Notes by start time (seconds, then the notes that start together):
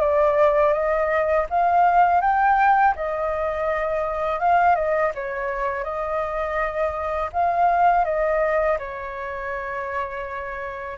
0.00 D5
0.73 D#5
1.49 F5
2.21 G5
2.95 D#5
4.39 F5
4.75 D#5
5.14 C#5
5.83 D#5
7.32 F5
8.04 D#5
8.78 C#5